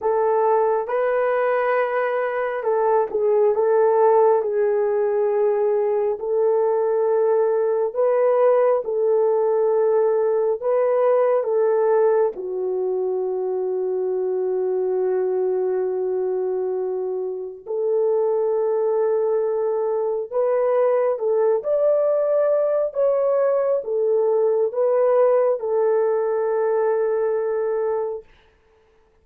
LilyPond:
\new Staff \with { instrumentName = "horn" } { \time 4/4 \tempo 4 = 68 a'4 b'2 a'8 gis'8 | a'4 gis'2 a'4~ | a'4 b'4 a'2 | b'4 a'4 fis'2~ |
fis'1 | a'2. b'4 | a'8 d''4. cis''4 a'4 | b'4 a'2. | }